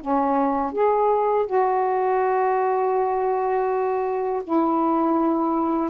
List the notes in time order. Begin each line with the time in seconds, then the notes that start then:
0.00 C#4
0.72 G#4
1.46 F#4
4.43 E4